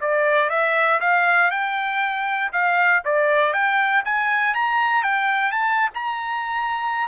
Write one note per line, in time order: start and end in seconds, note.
0.00 0.49 D5
0.49 1.00 E5
1.00 1.50 F5
1.50 2.51 G5
2.52 3.03 F5
3.05 3.53 D5
3.53 4.03 G5
4.05 4.54 G#5
4.54 5.03 A#5
5.03 5.52 G5
5.52 5.89 A5
5.94 7.08 A#5